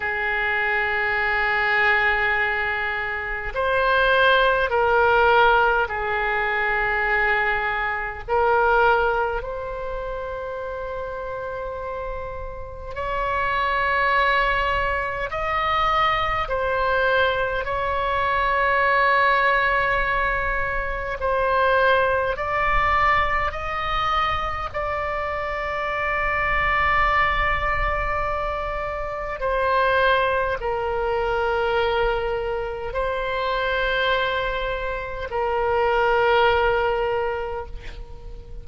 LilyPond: \new Staff \with { instrumentName = "oboe" } { \time 4/4 \tempo 4 = 51 gis'2. c''4 | ais'4 gis'2 ais'4 | c''2. cis''4~ | cis''4 dis''4 c''4 cis''4~ |
cis''2 c''4 d''4 | dis''4 d''2.~ | d''4 c''4 ais'2 | c''2 ais'2 | }